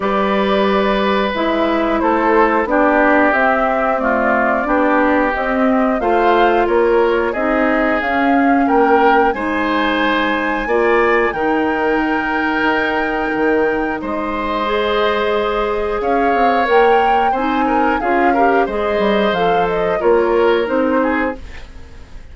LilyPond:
<<
  \new Staff \with { instrumentName = "flute" } { \time 4/4 \tempo 4 = 90 d''2 e''4 c''4 | d''4 e''4 d''2 | dis''4 f''4 cis''4 dis''4 | f''4 g''4 gis''2~ |
gis''4 g''2.~ | g''4 dis''2. | f''4 g''4 gis''4 f''4 | dis''4 f''8 dis''8 cis''4 c''4 | }
  \new Staff \with { instrumentName = "oboe" } { \time 4/4 b'2. a'4 | g'2 f'4 g'4~ | g'4 c''4 ais'4 gis'4~ | gis'4 ais'4 c''2 |
d''4 ais'2.~ | ais'4 c''2. | cis''2 c''8 ais'8 gis'8 ais'8 | c''2 ais'4. gis'8 | }
  \new Staff \with { instrumentName = "clarinet" } { \time 4/4 g'2 e'2 | d'4 c'4 a4 d'4 | c'4 f'2 dis'4 | cis'2 dis'2 |
f'4 dis'2.~ | dis'2 gis'2~ | gis'4 ais'4 dis'4 f'8 g'8 | gis'4 a'4 f'4 dis'4 | }
  \new Staff \with { instrumentName = "bassoon" } { \time 4/4 g2 gis4 a4 | b4 c'2 b4 | c'4 a4 ais4 c'4 | cis'4 ais4 gis2 |
ais4 dis2 dis'4 | dis4 gis2. | cis'8 c'8 ais4 c'4 cis'4 | gis8 g8 f4 ais4 c'4 | }
>>